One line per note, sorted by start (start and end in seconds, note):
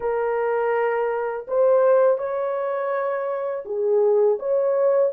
0.00 1.46 A#4
1.47 2.18 C5
2.18 3.64 C#5
3.65 4.38 G#4
4.39 5.12 C#5